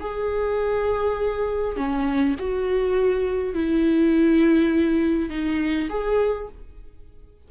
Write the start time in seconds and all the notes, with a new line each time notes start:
0.00 G#4
1.76 C#4
2.39 F#4
3.54 E4
5.30 D#4
5.89 G#4